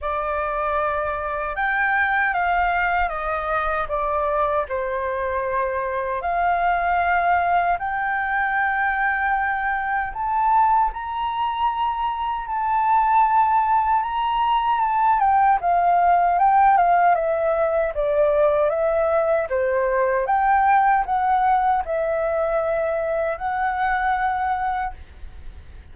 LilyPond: \new Staff \with { instrumentName = "flute" } { \time 4/4 \tempo 4 = 77 d''2 g''4 f''4 | dis''4 d''4 c''2 | f''2 g''2~ | g''4 a''4 ais''2 |
a''2 ais''4 a''8 g''8 | f''4 g''8 f''8 e''4 d''4 | e''4 c''4 g''4 fis''4 | e''2 fis''2 | }